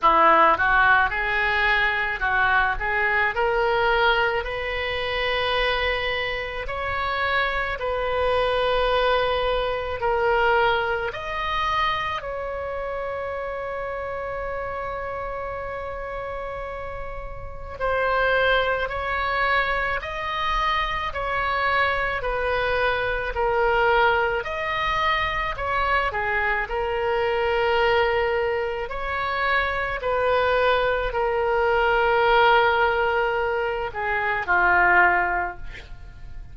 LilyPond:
\new Staff \with { instrumentName = "oboe" } { \time 4/4 \tempo 4 = 54 e'8 fis'8 gis'4 fis'8 gis'8 ais'4 | b'2 cis''4 b'4~ | b'4 ais'4 dis''4 cis''4~ | cis''1 |
c''4 cis''4 dis''4 cis''4 | b'4 ais'4 dis''4 cis''8 gis'8 | ais'2 cis''4 b'4 | ais'2~ ais'8 gis'8 f'4 | }